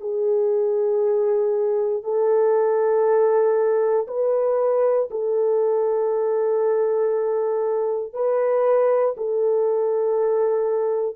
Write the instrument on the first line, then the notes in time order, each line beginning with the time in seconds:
horn
0.00 G#4
2.03 A4
4.07 B4
5.10 A4
8.13 B4
9.17 A4